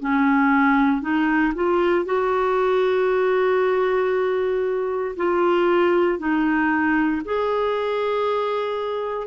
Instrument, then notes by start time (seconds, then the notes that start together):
clarinet
0.00 C#4
1.02 D#4
1.55 F4
2.06 F#4
5.17 F4
6.19 D#4
7.26 G#4